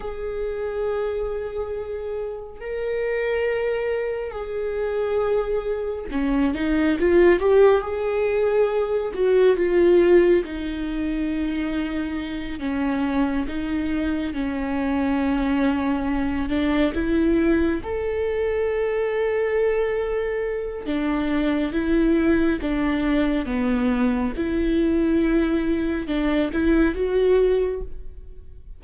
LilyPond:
\new Staff \with { instrumentName = "viola" } { \time 4/4 \tempo 4 = 69 gis'2. ais'4~ | ais'4 gis'2 cis'8 dis'8 | f'8 g'8 gis'4. fis'8 f'4 | dis'2~ dis'8 cis'4 dis'8~ |
dis'8 cis'2~ cis'8 d'8 e'8~ | e'8 a'2.~ a'8 | d'4 e'4 d'4 b4 | e'2 d'8 e'8 fis'4 | }